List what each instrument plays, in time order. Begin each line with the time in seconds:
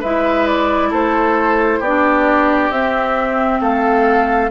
0.00 bassoon G#3, clarinet E4, oboe B4, flute E5
0.47 flute D5
0.90 bassoon A3, oboe A4, flute C5
1.80 bassoon B3, oboe G4, flute D5
1.86 clarinet D4
2.71 bassoon C4, clarinet C4, flute E5
3.61 bassoon A3, oboe A4, flute F5